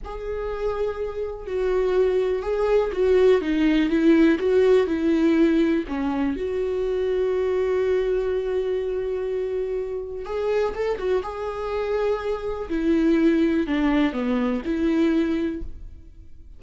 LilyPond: \new Staff \with { instrumentName = "viola" } { \time 4/4 \tempo 4 = 123 gis'2. fis'4~ | fis'4 gis'4 fis'4 dis'4 | e'4 fis'4 e'2 | cis'4 fis'2.~ |
fis'1~ | fis'4 gis'4 a'8 fis'8 gis'4~ | gis'2 e'2 | d'4 b4 e'2 | }